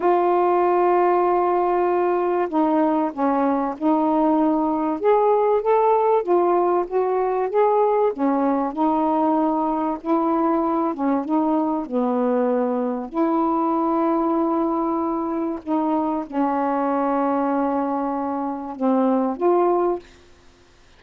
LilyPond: \new Staff \with { instrumentName = "saxophone" } { \time 4/4 \tempo 4 = 96 f'1 | dis'4 cis'4 dis'2 | gis'4 a'4 f'4 fis'4 | gis'4 cis'4 dis'2 |
e'4. cis'8 dis'4 b4~ | b4 e'2.~ | e'4 dis'4 cis'2~ | cis'2 c'4 f'4 | }